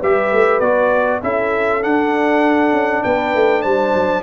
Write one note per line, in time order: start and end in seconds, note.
0.00 0.32 G3
0.00 0.62 G4
0.00 1.21 B4
0.00 0.59 E5
0.32 0.60 A3
0.59 1.21 B3
0.59 1.22 F#4
0.59 1.20 D5
1.22 1.83 C#4
1.22 1.81 E4
1.22 3.04 A4
1.22 1.83 E5
1.81 4.23 D4
1.81 2.72 D4
1.81 3.03 F#5
2.72 3.02 C#4
3.03 3.34 B3
3.03 3.62 B4
3.03 3.62 G5
3.34 3.65 A3
3.62 3.94 G3
3.62 4.22 C5
3.62 4.22 A5
3.94 4.23 F#3